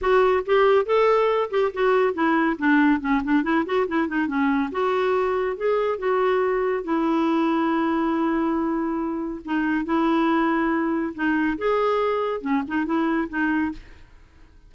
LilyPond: \new Staff \with { instrumentName = "clarinet" } { \time 4/4 \tempo 4 = 140 fis'4 g'4 a'4. g'8 | fis'4 e'4 d'4 cis'8 d'8 | e'8 fis'8 e'8 dis'8 cis'4 fis'4~ | fis'4 gis'4 fis'2 |
e'1~ | e'2 dis'4 e'4~ | e'2 dis'4 gis'4~ | gis'4 cis'8 dis'8 e'4 dis'4 | }